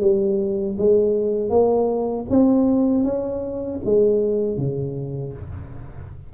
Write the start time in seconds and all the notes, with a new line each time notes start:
0.00 G3
0.77 G#3
1.49 A#3
2.29 C4
3.04 C#4
3.84 G#3
4.57 C#3